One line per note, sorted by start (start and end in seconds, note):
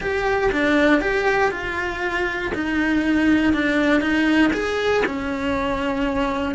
0.00 0.51 G4
0.52 1.00 D4
1.00 1.51 G4
1.51 2.51 F4
2.54 3.53 D#4
3.53 4.00 D4
4.00 4.51 D#4
4.53 5.03 G#4
5.05 6.55 C#4